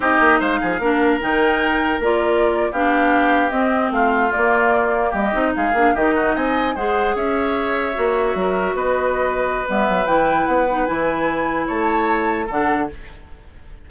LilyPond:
<<
  \new Staff \with { instrumentName = "flute" } { \time 4/4 \tempo 4 = 149 dis''4 f''2 g''4~ | g''4 d''4.~ d''16 f''4~ f''16~ | f''8. dis''4 f''4 d''4~ d''16~ | d''8. dis''4 f''4 dis''4 gis''16~ |
gis''8. fis''4 e''2~ e''16~ | e''4.~ e''16 dis''2~ dis''16 | e''4 g''4 fis''4 gis''4~ | gis''4 a''2 fis''4 | }
  \new Staff \with { instrumentName = "oboe" } { \time 4/4 g'4 c''8 gis'8 ais'2~ | ais'2~ ais'8. g'4~ g'16~ | g'4.~ g'16 f'2~ f'16~ | f'8. g'4 gis'4 g'8 fis'8 dis''16~ |
dis''8. c''4 cis''2~ cis''16~ | cis''8. ais'4 b'2~ b'16~ | b'1~ | b'4 cis''2 a'4 | }
  \new Staff \with { instrumentName = "clarinet" } { \time 4/4 dis'2 d'4 dis'4~ | dis'4 f'4.~ f'16 d'4~ d'16~ | d'8. c'2 ais4~ ais16~ | ais4~ ais16 dis'4 d'8 dis'4~ dis'16~ |
dis'8. gis'2. fis'16~ | fis'1 | b4 e'4. dis'8 e'4~ | e'2. d'4 | }
  \new Staff \with { instrumentName = "bassoon" } { \time 4/4 c'8 ais8 gis8 f8 ais4 dis4~ | dis4 ais4.~ ais16 b4~ b16~ | b8. c'4 a4 ais4~ ais16~ | ais8. g8 c'8 gis8 ais8 dis4 c'16~ |
c'8. gis4 cis'2 ais16~ | ais8. fis4 b2~ b16 | g8 fis8 e4 b4 e4~ | e4 a2 d4 | }
>>